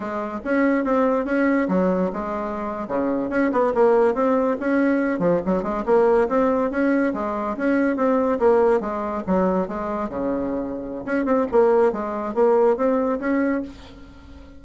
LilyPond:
\new Staff \with { instrumentName = "bassoon" } { \time 4/4 \tempo 4 = 141 gis4 cis'4 c'4 cis'4 | fis4 gis4.~ gis16 cis4 cis'16~ | cis'16 b8 ais4 c'4 cis'4~ cis'16~ | cis'16 f8 fis8 gis8 ais4 c'4 cis'16~ |
cis'8. gis4 cis'4 c'4 ais16~ | ais8. gis4 fis4 gis4 cis16~ | cis2 cis'8 c'8 ais4 | gis4 ais4 c'4 cis'4 | }